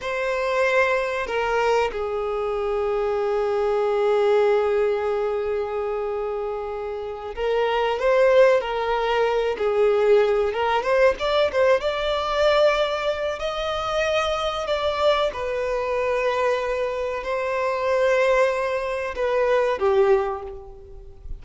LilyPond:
\new Staff \with { instrumentName = "violin" } { \time 4/4 \tempo 4 = 94 c''2 ais'4 gis'4~ | gis'1~ | gis'2.~ gis'8 ais'8~ | ais'8 c''4 ais'4. gis'4~ |
gis'8 ais'8 c''8 d''8 c''8 d''4.~ | d''4 dis''2 d''4 | b'2. c''4~ | c''2 b'4 g'4 | }